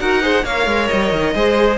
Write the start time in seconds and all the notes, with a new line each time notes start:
0.00 D#4 F#4 A#4 F#5
0.22 G#4 C5
0.44 A#3 A#4 C#5 F5
0.66 G#3
0.88 G3 D#5
1.12 D#3
1.35 G#3 G#4 C5